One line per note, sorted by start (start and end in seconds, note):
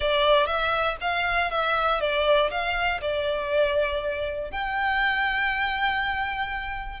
0.00 0.46 D5
0.46 0.96 E5
1.00 1.50 F5
1.50 2.00 E5
2.00 2.50 D5
2.50 3.00 F5
3.01 4.51 D5
4.51 7.00 G5